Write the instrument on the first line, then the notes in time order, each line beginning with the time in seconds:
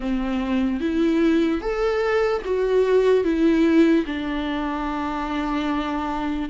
viola
0.00 C4
0.80 E4
1.61 A4
2.45 F#4
3.24 E4
4.05 D4